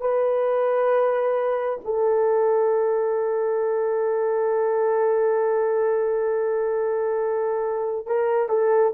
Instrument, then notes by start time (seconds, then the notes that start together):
horn
0.00 B4
1.84 A4
8.06 A#4
8.49 A4